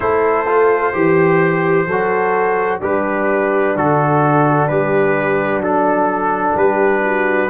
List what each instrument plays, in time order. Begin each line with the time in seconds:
0.00 tuba A3, trombone E4, horn A4, trumpet C5
0.46 trombone F4
0.93 tuba E3, trombone G4, horn G4
1.87 tuba F#3, trombone F#4, horn A4
2.79 tuba G3, horn D4, trombone G4, trumpet B4
3.76 tuba D3, trombone F#4, trumpet A4
4.68 tuba G3, trombone G4, trumpet B4
5.58 tuba F#3, trombone D4, trumpet A4
6.53 tuba G3, horn G4, trumpet B4
7.04 horn F#4